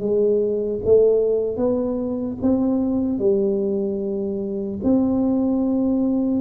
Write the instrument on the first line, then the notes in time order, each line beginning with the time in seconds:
tuba
0.00 G#3
0.85 A3
1.57 B3
2.43 C4
3.19 G3
4.84 C4